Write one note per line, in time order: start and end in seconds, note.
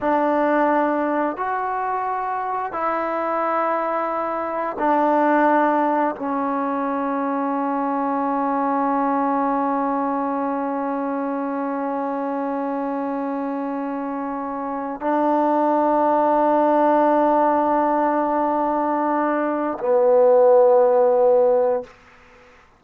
0.00 1.36 D4
1.36 2.72 F#4
2.72 4.77 E4
4.79 6.15 D4
6.15 15.00 C#4
15.00 19.78 D4
19.79 21.83 B3